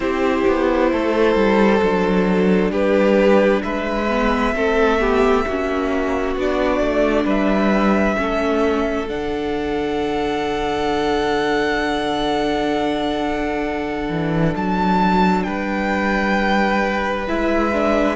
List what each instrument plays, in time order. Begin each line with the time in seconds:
0.00 cello C4, viola E4, violin G4 C5
0.47 cello B3
0.92 cello A3, violin A4
1.35 cello G3
1.81 cello F#3, viola D4
2.70 cello G3, violin G4 B4
3.62 cello G#3, violin B4 E5
4.09 viola B3
4.53 cello A3, viola C4, violin A4
4.99 viola B3, violin G4
5.46 cello A#3, viola C#4, violin F#4
6.36 cello B3, viola D4, violin D5
6.80 cello A3
7.24 cello G3, violin B4 E5
8.16 cello A3, viola C#4, violin A4
9.08 cello D3, viola D4, violin F#5
14.09 cello E3
14.55 cello F#3, violin A5
15.43 cello G3, violin B4 G5
17.26 cello G#3, viola E4, violin E5
17.73 viola D4